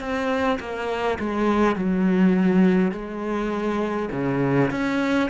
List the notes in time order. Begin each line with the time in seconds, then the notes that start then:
0.00 C4
0.59 A#3
1.19 G#3
1.75 F#3
2.91 G#3
4.12 C#3
4.71 C#4